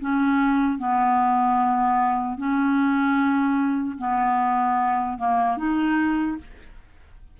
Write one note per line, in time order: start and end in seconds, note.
0.00 0.78 C#4
0.78 2.37 B3
2.37 3.97 C#4
3.98 5.18 B3
5.18 5.57 A#3
5.57 6.37 D#4